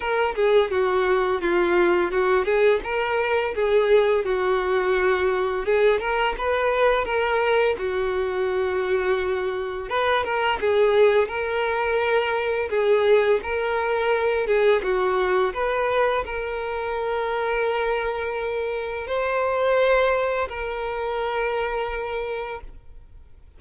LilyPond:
\new Staff \with { instrumentName = "violin" } { \time 4/4 \tempo 4 = 85 ais'8 gis'8 fis'4 f'4 fis'8 gis'8 | ais'4 gis'4 fis'2 | gis'8 ais'8 b'4 ais'4 fis'4~ | fis'2 b'8 ais'8 gis'4 |
ais'2 gis'4 ais'4~ | ais'8 gis'8 fis'4 b'4 ais'4~ | ais'2. c''4~ | c''4 ais'2. | }